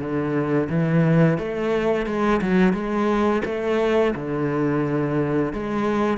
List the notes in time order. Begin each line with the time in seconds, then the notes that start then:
0.00 D3
0.70 E3
1.39 A3
2.07 G#3
2.42 F#3
2.73 G#3
3.45 A3
4.15 D3
5.53 G#3